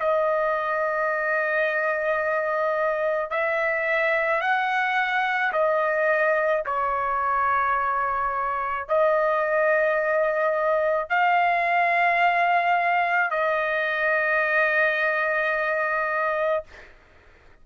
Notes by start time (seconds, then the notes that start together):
0.00 D#5
3.31 E5
4.41 F#5
5.53 D#5
6.66 C#5
8.88 D#5
11.10 F5
13.31 D#5